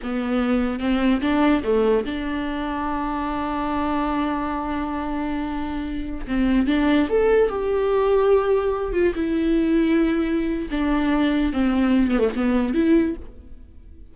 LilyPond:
\new Staff \with { instrumentName = "viola" } { \time 4/4 \tempo 4 = 146 b2 c'4 d'4 | a4 d'2.~ | d'1~ | d'2.~ d'16 c'8.~ |
c'16 d'4 a'4 g'4.~ g'16~ | g'4.~ g'16 f'8 e'4.~ e'16~ | e'2 d'2 | c'4. b16 a16 b4 e'4 | }